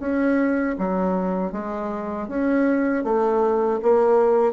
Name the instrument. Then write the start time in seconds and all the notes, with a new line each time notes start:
bassoon
0.00 C#4
0.79 F#3
1.52 G#3
2.29 C#4
3.04 A3
3.83 A#3